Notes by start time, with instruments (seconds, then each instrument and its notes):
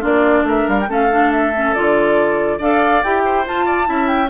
0.00 bassoon A#3, clarinet D4, oboe F4, flute D5
0.43 bassoon A3, oboe A#4, flute E5
0.68 bassoon G3, flute F5
0.80 flute G5
0.88 bassoon A3, clarinet C#4, oboe A4, flute F5
1.10 clarinet D4
1.32 flute E5
1.55 clarinet C#4
1.74 bassoon D3, clarinet F4, flute D5
2.58 bassoon D4, clarinet A4, oboe D5, flute F5
3.03 bassoon E4, clarinet G4, flute G5
3.25 oboe C5
3.45 clarinet F4, bassoon F4, flute A5
3.65 oboe D5
3.84 bassoon C#4, clarinet E4, oboe E5
4.07 flute G5